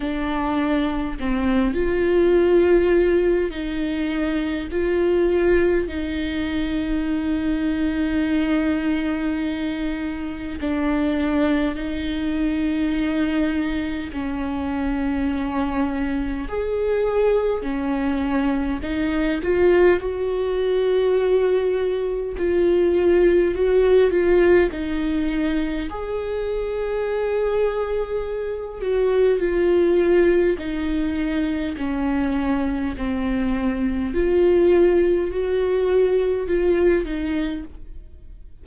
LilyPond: \new Staff \with { instrumentName = "viola" } { \time 4/4 \tempo 4 = 51 d'4 c'8 f'4. dis'4 | f'4 dis'2.~ | dis'4 d'4 dis'2 | cis'2 gis'4 cis'4 |
dis'8 f'8 fis'2 f'4 | fis'8 f'8 dis'4 gis'2~ | gis'8 fis'8 f'4 dis'4 cis'4 | c'4 f'4 fis'4 f'8 dis'8 | }